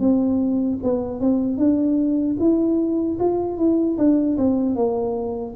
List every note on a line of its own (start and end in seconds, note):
0.00 0.79 C4
0.83 1.21 B3
1.21 1.58 C4
1.58 2.36 D4
2.40 3.19 E4
3.19 3.57 F4
3.57 3.97 E4
3.98 4.37 D4
4.37 4.75 C4
4.75 5.54 A#3